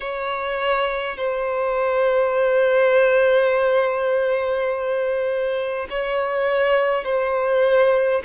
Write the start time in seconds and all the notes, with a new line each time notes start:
0.00 C#5
1.17 C5
5.89 C#5
7.04 C5